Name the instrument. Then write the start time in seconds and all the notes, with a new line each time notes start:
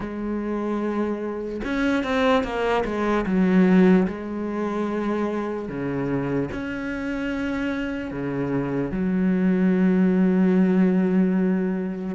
cello
0.00 G#3
1.64 C#4
2.03 C4
2.43 A#3
2.85 G#3
3.25 F#3
4.07 G#3
5.68 C#3
6.51 C#4
8.11 C#3
8.91 F#3